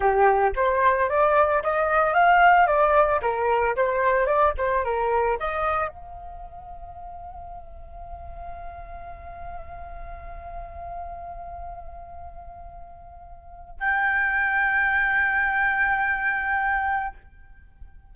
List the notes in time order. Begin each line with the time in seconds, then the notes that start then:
0.00 G4
0.55 C5
1.09 D5
1.63 D#5
2.13 F5
2.66 D5
3.22 A#4
3.75 C5
4.26 D5
4.57 C5
4.84 A#4
5.39 D#5
5.88 F5
13.79 G5